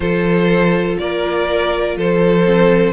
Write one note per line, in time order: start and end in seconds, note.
0.00 0.97 F3
0.00 2.45 F4
0.00 0.99 A4
0.00 0.96 C5
0.98 1.96 A#3
0.98 1.97 A#4
0.98 1.96 D5
1.96 2.92 F3
1.96 2.92 A4
1.96 2.92 C5
2.45 2.92 C4